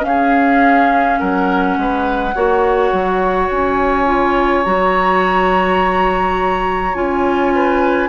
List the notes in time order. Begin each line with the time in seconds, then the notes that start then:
0.00 C#4 F5
0.07 G#4
1.19 F#3 A#4 F#5
1.77 G#3 B4
2.35 A#3 F#4 C#5
2.92 F#3
3.50 C#4 G#5
4.06 F4
4.65 F#3 F#4 A#5
6.94 C#4 F4 G#5
7.55 B4